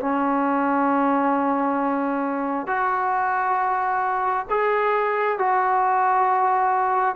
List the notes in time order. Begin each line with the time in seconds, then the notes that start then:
0.00 C#4
2.67 F#4
4.50 G#4
5.39 F#4